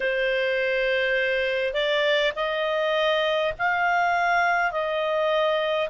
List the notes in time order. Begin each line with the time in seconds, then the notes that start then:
0.00 C5
1.73 D5
2.35 D#5
3.58 F5
4.71 D#5